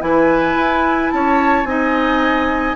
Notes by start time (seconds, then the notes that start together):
0.00 E3 E4 B4 G#5
0.55 E4
1.11 C#4 C#5 A5
1.64 C4 D#4 D#5 G#5